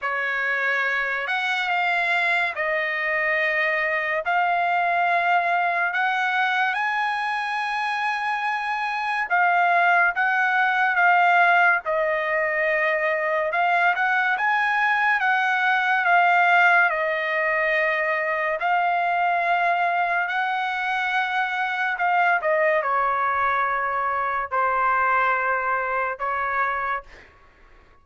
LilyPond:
\new Staff \with { instrumentName = "trumpet" } { \time 4/4 \tempo 4 = 71 cis''4. fis''8 f''4 dis''4~ | dis''4 f''2 fis''4 | gis''2. f''4 | fis''4 f''4 dis''2 |
f''8 fis''8 gis''4 fis''4 f''4 | dis''2 f''2 | fis''2 f''8 dis''8 cis''4~ | cis''4 c''2 cis''4 | }